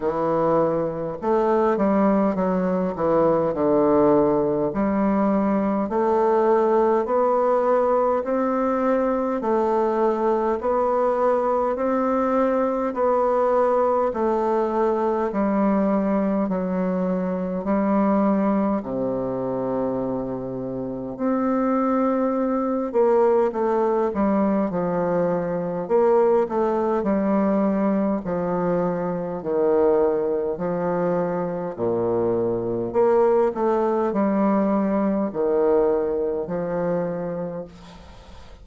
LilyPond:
\new Staff \with { instrumentName = "bassoon" } { \time 4/4 \tempo 4 = 51 e4 a8 g8 fis8 e8 d4 | g4 a4 b4 c'4 | a4 b4 c'4 b4 | a4 g4 fis4 g4 |
c2 c'4. ais8 | a8 g8 f4 ais8 a8 g4 | f4 dis4 f4 ais,4 | ais8 a8 g4 dis4 f4 | }